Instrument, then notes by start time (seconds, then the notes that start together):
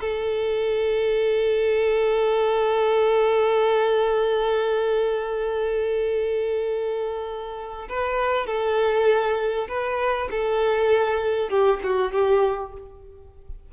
violin
0.00 A4
7.88 B4
8.46 A4
9.68 B4
10.30 A4
11.49 G4
11.83 F#4
12.12 G4